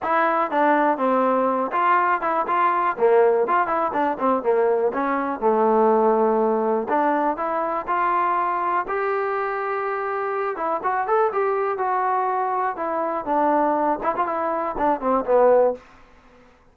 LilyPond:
\new Staff \with { instrumentName = "trombone" } { \time 4/4 \tempo 4 = 122 e'4 d'4 c'4. f'8~ | f'8 e'8 f'4 ais4 f'8 e'8 | d'8 c'8 ais4 cis'4 a4~ | a2 d'4 e'4 |
f'2 g'2~ | g'4. e'8 fis'8 a'8 g'4 | fis'2 e'4 d'4~ | d'8 e'16 f'16 e'4 d'8 c'8 b4 | }